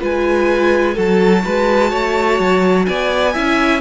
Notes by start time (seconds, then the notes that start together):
0.00 G#3 F4 B4 G#5
0.95 F#3 F#4 A4 A5
1.45 G#3 B4
1.90 A3 C#5
2.40 F#3
2.86 B3 D5 G#5
3.33 C#4 E4 E5